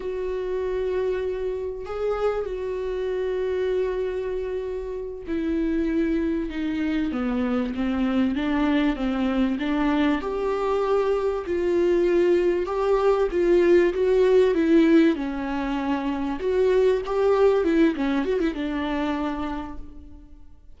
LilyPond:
\new Staff \with { instrumentName = "viola" } { \time 4/4 \tempo 4 = 97 fis'2. gis'4 | fis'1~ | fis'8 e'2 dis'4 b8~ | b8 c'4 d'4 c'4 d'8~ |
d'8 g'2 f'4.~ | f'8 g'4 f'4 fis'4 e'8~ | e'8 cis'2 fis'4 g'8~ | g'8 e'8 cis'8 fis'16 e'16 d'2 | }